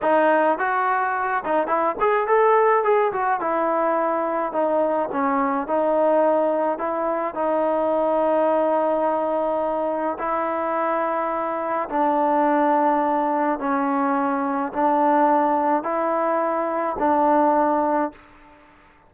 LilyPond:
\new Staff \with { instrumentName = "trombone" } { \time 4/4 \tempo 4 = 106 dis'4 fis'4. dis'8 e'8 gis'8 | a'4 gis'8 fis'8 e'2 | dis'4 cis'4 dis'2 | e'4 dis'2.~ |
dis'2 e'2~ | e'4 d'2. | cis'2 d'2 | e'2 d'2 | }